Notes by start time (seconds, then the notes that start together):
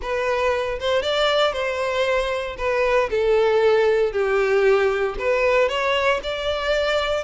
0.01 B4
0.79 C5
1.02 D5
1.53 C5
2.57 B4
3.10 A4
4.12 G4
5.18 B4
5.68 C#5
6.23 D5